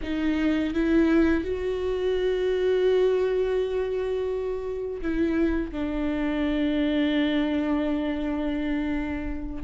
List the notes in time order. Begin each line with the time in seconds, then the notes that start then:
0.02 D#4
0.74 E4
1.44 F#4
5.01 E4
5.71 D4